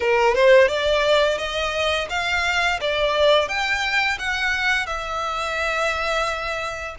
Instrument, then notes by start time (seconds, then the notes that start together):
violin
0.00 A#4
0.35 C5
0.68 D5
1.38 D#5
2.09 F5
2.80 D5
3.48 G5
4.19 F#5
4.86 E5